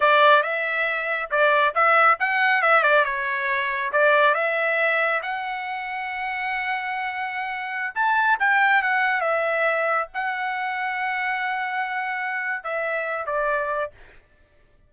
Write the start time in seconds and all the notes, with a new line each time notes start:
0.00 D5
0.42 E5
1.30 D5
1.74 E5
2.19 F#5
2.62 E5
2.83 D5
3.04 C#5
3.92 D5
4.34 E5
5.22 F#5
7.94 A5
8.39 G5
8.82 F#5
9.21 E5
10.13 F#5
12.63 E5
13.26 D5